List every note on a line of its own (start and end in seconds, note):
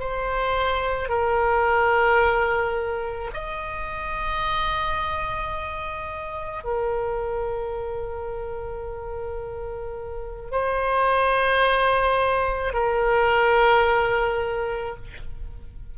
0.00 1.09 C5
1.09 3.31 A#4
3.34 6.65 D#5
6.65 10.52 A#4
10.52 12.74 C5
12.74 14.96 A#4